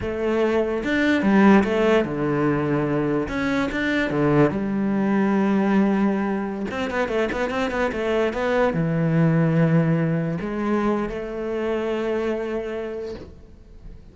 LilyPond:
\new Staff \with { instrumentName = "cello" } { \time 4/4 \tempo 4 = 146 a2 d'4 g4 | a4 d2. | cis'4 d'4 d4 g4~ | g1~ |
g16 c'8 b8 a8 b8 c'8 b8 a8.~ | a16 b4 e2~ e8.~ | e4~ e16 gis4.~ gis16 a4~ | a1 | }